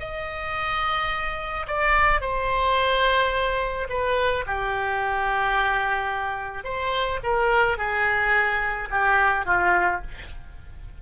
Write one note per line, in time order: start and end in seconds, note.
0.00 1.67 D#5
1.67 2.21 D5
2.21 3.87 C5
3.89 4.45 B4
4.46 6.64 G4
6.64 7.20 C5
7.23 7.78 A#4
7.78 8.89 G#4
8.90 9.45 G4
9.45 10.01 F4